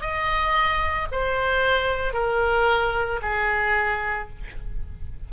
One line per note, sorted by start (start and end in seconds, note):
0.00 1.07 D#5
1.11 2.13 C5
2.13 3.20 A#4
3.21 4.29 G#4